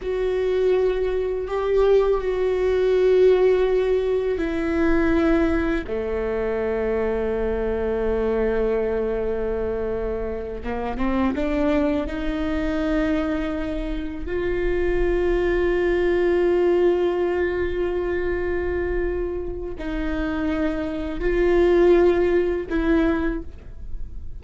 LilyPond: \new Staff \with { instrumentName = "viola" } { \time 4/4 \tempo 4 = 82 fis'2 g'4 fis'4~ | fis'2 e'2 | a1~ | a2~ a8 ais8 c'8 d'8~ |
d'8 dis'2. f'8~ | f'1~ | f'2. dis'4~ | dis'4 f'2 e'4 | }